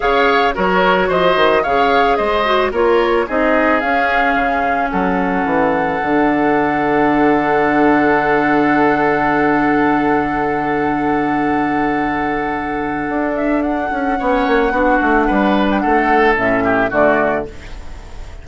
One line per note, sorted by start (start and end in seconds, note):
0.00 0.56 C#3
0.00 0.52 G#4
0.00 0.54 C#5
0.00 0.54 F5
0.54 1.09 F#3
0.54 1.63 F#4
0.54 1.08 A#4
0.54 1.11 C#5
1.08 1.36 F3
1.08 1.62 C5
1.08 1.63 D#5
1.36 1.63 D#3
1.62 2.18 C#3
1.62 2.44 G#4
1.62 2.17 C#5
1.62 2.16 F5
2.16 2.71 G#3
2.16 2.71 C5
2.16 2.70 D#5
2.44 2.72 F#4
2.71 3.26 A#3
2.71 3.27 F4
2.71 3.25 A#4
2.71 3.28 C#5
3.27 3.82 C4
3.27 3.81 D#4
3.27 4.90 G#4
3.27 3.80 D#5
3.80 4.35 C#4
3.80 6.01 C#4
3.80 4.89 F5
4.35 4.89 C#3
4.90 5.44 F#3
4.90 14.18 A4
4.90 13.35 F#5
5.44 5.99 E3
6.01 13.09 D3
6.01 14.20 D4
13.09 13.90 D4
13.35 13.62 E5
13.62 15.66 F#5
13.91 14.18 C#4
14.18 14.47 B3
14.18 14.72 C#4
14.18 14.72 C#5
14.47 14.71 A#3
14.71 14.98 B3
14.71 16.36 D4
14.71 15.27 F#4
15.01 15.28 A3
15.27 15.84 G3
15.27 15.81 B4
15.70 15.79 G5
15.79 16.36 A3
15.79 16.64 A4
15.79 16.33 F#5
16.36 16.91 A2
16.36 16.90 C#4
16.36 16.92 E5
16.64 16.90 G4
16.90 17.46 D3
16.90 17.44 A3
16.90 17.44 F#4
16.90 17.47 D5